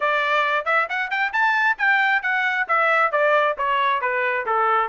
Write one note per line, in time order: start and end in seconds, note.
0.00 0.65 D5
0.65 0.87 E5
0.89 1.10 F#5
1.10 1.32 G5
1.32 1.77 A5
1.78 2.22 G5
2.22 2.66 F#5
2.67 3.11 E5
3.11 3.56 D5
3.57 4.01 C#5
4.01 4.45 B4
4.46 4.88 A4